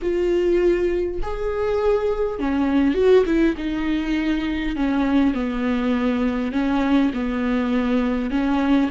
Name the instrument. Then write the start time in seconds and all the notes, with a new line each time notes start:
viola
0.02 F4
1.22 G#4
2.39 C#4
2.94 F#4
3.26 E4
3.57 D#4
4.76 C#4
5.34 B3
6.52 C#4
7.13 B3
8.30 C#4